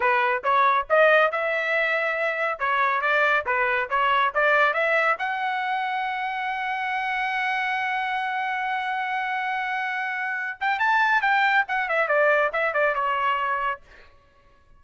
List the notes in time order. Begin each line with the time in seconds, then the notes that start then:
0.00 B4
0.43 C#5
0.89 D#5
1.31 E5
2.59 C#5
3.01 D5
3.46 B4
3.89 C#5
4.34 D5
4.73 E5
5.19 F#5
10.60 G5
10.79 A5
11.21 G5
11.68 F#5
11.88 E5
12.08 D5
12.52 E5
12.73 D5
12.94 C#5